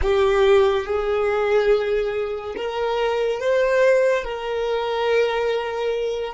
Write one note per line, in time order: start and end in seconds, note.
0.02 0.86 G4
0.86 2.55 G#4
2.56 3.40 A#4
3.40 4.24 C5
4.24 6.34 A#4